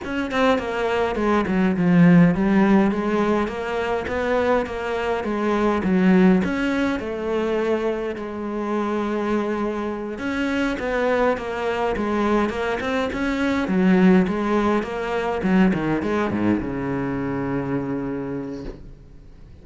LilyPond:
\new Staff \with { instrumentName = "cello" } { \time 4/4 \tempo 4 = 103 cis'8 c'8 ais4 gis8 fis8 f4 | g4 gis4 ais4 b4 | ais4 gis4 fis4 cis'4 | a2 gis2~ |
gis4. cis'4 b4 ais8~ | ais8 gis4 ais8 c'8 cis'4 fis8~ | fis8 gis4 ais4 fis8 dis8 gis8 | gis,8 cis2.~ cis8 | }